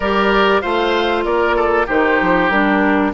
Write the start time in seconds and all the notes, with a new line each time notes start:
0.00 G3 G4 A#4 D5
0.61 A3 F4 C5 F5
1.24 A#3 A#4 D5
1.56 A4
1.86 D#3 D#4 G4 C5
2.21 F3
2.49 G3 D4 A#4